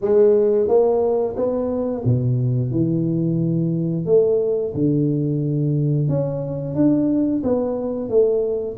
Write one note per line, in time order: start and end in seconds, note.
0.01 0.67 G#3
0.67 1.35 A#3
1.36 2.03 B3
2.04 2.71 B2
2.71 4.05 E3
4.05 4.73 A3
4.74 6.08 D3
6.08 6.74 C#4
6.74 7.42 D4
7.43 8.09 B3
8.09 8.76 A3